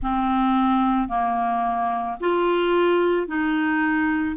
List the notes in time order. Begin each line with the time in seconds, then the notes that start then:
0.02 C4
1.08 A#3
2.20 F4
3.27 D#4